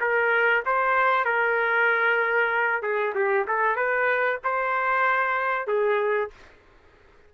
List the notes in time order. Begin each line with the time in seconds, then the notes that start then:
0.00 A#4
0.65 C5
1.24 A#4
2.82 G#4
3.14 G4
3.47 A4
3.76 B4
4.43 C5
5.67 G#4